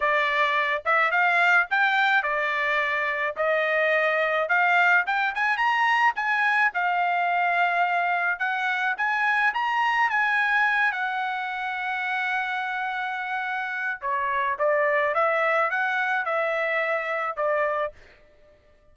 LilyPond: \new Staff \with { instrumentName = "trumpet" } { \time 4/4 \tempo 4 = 107 d''4. e''8 f''4 g''4 | d''2 dis''2 | f''4 g''8 gis''8 ais''4 gis''4 | f''2. fis''4 |
gis''4 ais''4 gis''4. fis''8~ | fis''1~ | fis''4 cis''4 d''4 e''4 | fis''4 e''2 d''4 | }